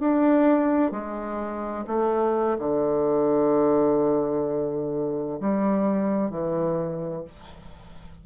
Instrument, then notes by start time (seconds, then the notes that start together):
bassoon
0.00 D4
0.92 G#3
1.87 A3
2.59 D3
5.40 G3
6.30 E3